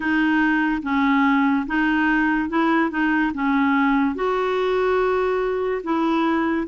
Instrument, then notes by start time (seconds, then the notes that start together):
clarinet
0.00 D#4
0.82 C#4
1.67 D#4
2.49 E4
2.90 D#4
3.33 C#4
4.15 F#4
5.83 E4